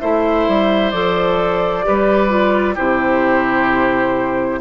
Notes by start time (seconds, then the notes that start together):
0.00 A3 E4 C5 E5
0.48 G3
0.91 F3 A4 D5
1.84 G3 G4 B4
2.29 F4
2.75 C3 E4 G4 C5